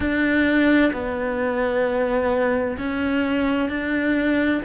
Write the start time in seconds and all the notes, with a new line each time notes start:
0.00 D4
0.92 B3
2.78 C#4
3.69 D4